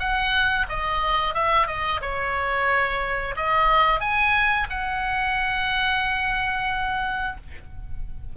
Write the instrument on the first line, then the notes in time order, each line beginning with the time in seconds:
oboe
0.00 F#5
0.69 D#5
1.35 E5
1.68 D#5
2.02 C#5
3.37 D#5
4.01 G#5
4.70 F#5